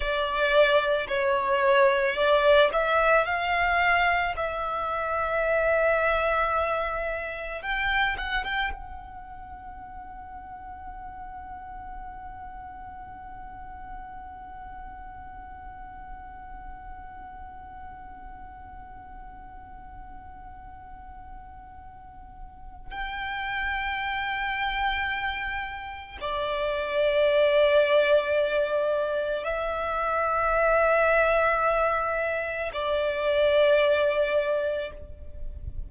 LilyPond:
\new Staff \with { instrumentName = "violin" } { \time 4/4 \tempo 4 = 55 d''4 cis''4 d''8 e''8 f''4 | e''2. g''8 fis''16 g''16 | fis''1~ | fis''1~ |
fis''1~ | fis''4 g''2. | d''2. e''4~ | e''2 d''2 | }